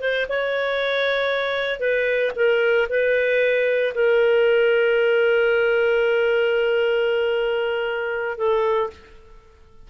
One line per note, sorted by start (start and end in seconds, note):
0.00 0.26 C5
0.28 1.79 C#5
1.79 2.31 B4
2.35 2.87 A#4
2.89 3.93 B4
3.94 8.37 A#4
8.37 8.90 A4